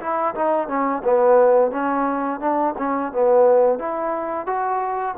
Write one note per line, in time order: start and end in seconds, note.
0.00 0.34 E4
0.35 0.68 D#4
0.68 1.03 C#4
1.04 1.71 B3
1.71 2.40 C#4
2.40 2.74 D4
2.78 3.12 C#4
3.12 3.79 B3
3.79 4.46 E4
4.46 5.15 F#4